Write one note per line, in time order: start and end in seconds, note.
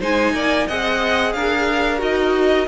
0.00 0.33 G#3
0.00 0.68 D#4
0.00 0.33 C5
0.00 0.68 G#5
0.33 0.67 A#3
0.33 0.67 D5
0.67 1.35 C4
0.67 1.99 G#4
0.67 1.34 D#5
0.67 1.33 F#5
1.33 2.01 D4
1.33 2.68 A#4
1.33 2.00 F5
1.99 2.68 D#4
1.99 2.65 F#4
1.99 2.68 D#5